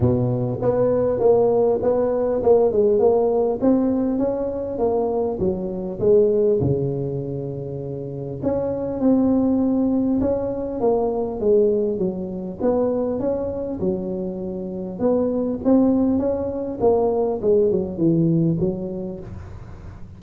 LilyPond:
\new Staff \with { instrumentName = "tuba" } { \time 4/4 \tempo 4 = 100 b,4 b4 ais4 b4 | ais8 gis8 ais4 c'4 cis'4 | ais4 fis4 gis4 cis4~ | cis2 cis'4 c'4~ |
c'4 cis'4 ais4 gis4 | fis4 b4 cis'4 fis4~ | fis4 b4 c'4 cis'4 | ais4 gis8 fis8 e4 fis4 | }